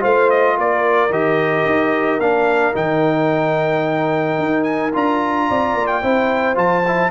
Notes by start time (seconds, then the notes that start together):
0.00 A3 F4 C5 F5
0.31 D#5
0.58 A#3 A#4 D5
1.10 D#3 G4 D#5
1.66 D#4
2.19 A#3 D4 F5
2.74 D#3 D#4 G5
4.39 D#4
4.64 G#5
4.94 D4 F4 A#5
5.49 C4 D5
5.75 A#3
5.87 G5
6.03 C4 E4 C5
6.55 F3 F4 A5
6.87 E4